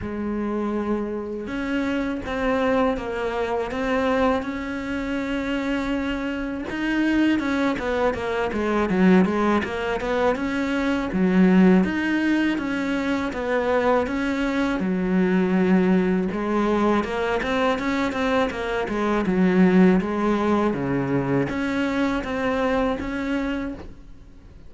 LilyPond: \new Staff \with { instrumentName = "cello" } { \time 4/4 \tempo 4 = 81 gis2 cis'4 c'4 | ais4 c'4 cis'2~ | cis'4 dis'4 cis'8 b8 ais8 gis8 | fis8 gis8 ais8 b8 cis'4 fis4 |
dis'4 cis'4 b4 cis'4 | fis2 gis4 ais8 c'8 | cis'8 c'8 ais8 gis8 fis4 gis4 | cis4 cis'4 c'4 cis'4 | }